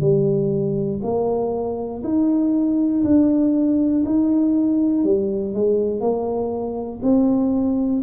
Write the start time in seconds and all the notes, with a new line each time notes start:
0.00 G3
1.02 A#3
2.04 D#4
3.04 D4
4.05 D#4
5.04 G3
5.54 G#3
6.00 A#3
7.02 C4